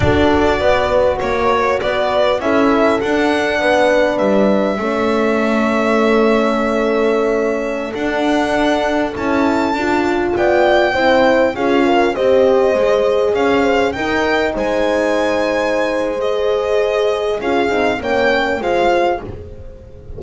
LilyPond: <<
  \new Staff \with { instrumentName = "violin" } { \time 4/4 \tempo 4 = 100 d''2 cis''4 d''4 | e''4 fis''2 e''4~ | e''1~ | e''4~ e''16 fis''2 a''8.~ |
a''4~ a''16 g''2 f''8.~ | f''16 dis''2 f''4 g''8.~ | g''16 gis''2~ gis''8. dis''4~ | dis''4 f''4 g''4 f''4 | }
  \new Staff \with { instrumentName = "horn" } { \time 4/4 a'4 b'4 cis''4 b'4 | a'2 b'2 | a'1~ | a'1~ |
a'4~ a'16 d''4 c''4 gis'8 ais'16~ | ais'16 c''2 cis''8 c''8 ais'8.~ | ais'16 c''2.~ c''8.~ | c''4 gis'4 cis''4 c''4 | }
  \new Staff \with { instrumentName = "horn" } { \time 4/4 fis'1 | e'4 d'2. | cis'1~ | cis'4~ cis'16 d'2 e'8.~ |
e'16 f'2 e'4 f'8.~ | f'16 g'4 gis'2 dis'8.~ | dis'2. gis'4~ | gis'4 f'8 dis'8 cis'4 f'4 | }
  \new Staff \with { instrumentName = "double bass" } { \time 4/4 d'4 b4 ais4 b4 | cis'4 d'4 b4 g4 | a1~ | a4~ a16 d'2 cis'8.~ |
cis'16 d'4 b4 c'4 cis'8.~ | cis'16 c'4 gis4 cis'4 dis'8.~ | dis'16 gis2.~ gis8.~ | gis4 cis'8 c'8 ais4 gis4 | }
>>